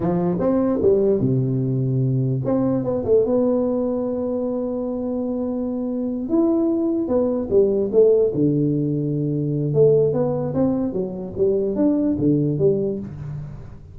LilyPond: \new Staff \with { instrumentName = "tuba" } { \time 4/4 \tempo 4 = 148 f4 c'4 g4 c4~ | c2 c'4 b8 a8 | b1~ | b2.~ b8 e'8~ |
e'4. b4 g4 a8~ | a8 d2.~ d8 | a4 b4 c'4 fis4 | g4 d'4 d4 g4 | }